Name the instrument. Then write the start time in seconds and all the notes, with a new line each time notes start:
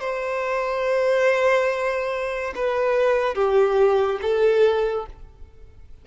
violin
0.00 C5
2.55 B4
3.35 G4
4.21 A4